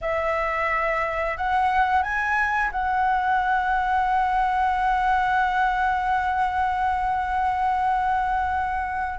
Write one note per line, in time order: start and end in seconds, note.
0.01 1.37 E5
1.37 2.02 F#5
2.02 2.71 G#5
2.71 9.19 F#5